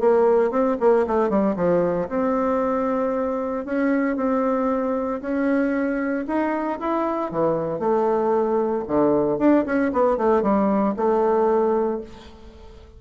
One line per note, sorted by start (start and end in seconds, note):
0.00 0.51 A#3
0.51 0.77 C4
0.80 1.06 A#3
1.07 1.29 A3
1.29 1.56 G3
1.56 2.08 F3
2.09 3.65 C4
3.65 4.16 C#4
4.16 5.21 C4
5.21 6.25 C#4
6.27 6.79 D#4
6.79 7.31 E4
7.31 7.79 E3
7.79 8.83 A3
8.88 9.38 D3
9.38 9.65 D4
9.65 9.91 C#4
9.93 10.17 B3
10.17 10.42 A3
10.42 10.94 G3
10.96 12.01 A3